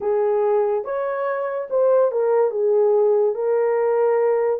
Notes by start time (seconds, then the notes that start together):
0.00 G#4
0.84 C#5
1.70 C5
2.11 A#4
2.51 G#4
3.35 A#4